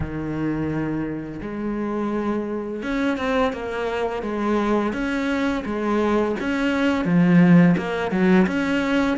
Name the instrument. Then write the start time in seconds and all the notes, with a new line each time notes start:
cello
0.00 D#3
1.41 G#3
2.82 C#4
3.17 C4
3.52 A#3
4.22 G#3
4.93 C#4
5.65 G#3
6.39 C#4
7.05 F3
7.76 A#3
8.11 F#3
8.46 C#4